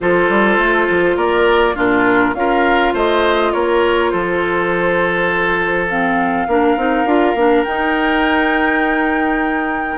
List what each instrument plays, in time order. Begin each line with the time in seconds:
0.00 bassoon F3, clarinet F4, oboe A4, flute C5
0.29 bassoon G3
0.57 bassoon A3
0.89 bassoon F3
1.16 bassoon A#3, oboe A#4, flute D5
1.75 bassoon A#2, clarinet D4, oboe F4, flute A#4
2.34 bassoon C#4, clarinet F4, oboe A#4, flute F5
2.93 bassoon A3, oboe C5, flute D#5
3.52 bassoon A#3, oboe A#4, flute C#5
4.09 bassoon F3, oboe A4, flute C5
5.89 clarinet C4, flute F5
6.47 bassoon A#3, clarinet D4, oboe A#4
6.76 bassoon C4, clarinet D#4
7.04 bassoon D4, clarinet F4
7.34 bassoon A#3, clarinet D4
7.63 bassoon D#4, clarinet D#4, flute G5